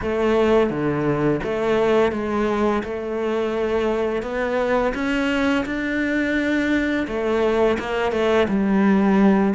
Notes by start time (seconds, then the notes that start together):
0.01 A3
0.70 D3
1.43 A3
2.12 G#3
2.83 A3
4.22 B3
4.94 C#4
5.65 D4
7.07 A3
7.79 A#3
8.12 A3
8.48 G3